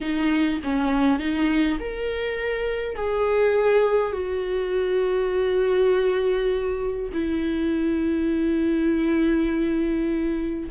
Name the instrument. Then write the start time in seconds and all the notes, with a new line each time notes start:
viola
0.01 D#4
0.63 C#4
1.19 D#4
1.79 A#4
2.96 G#4
4.12 F#4
7.13 E4